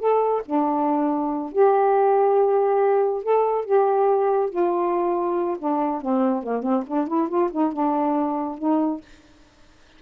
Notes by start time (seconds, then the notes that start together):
0.00 A4
0.46 D4
1.53 G4
3.24 A4
3.65 G4
4.50 F4
5.59 D4
6.02 C4
6.44 A#3
6.63 C4
6.87 D4
7.08 E4
7.29 F4
7.52 D#4
7.73 D4
8.59 D#4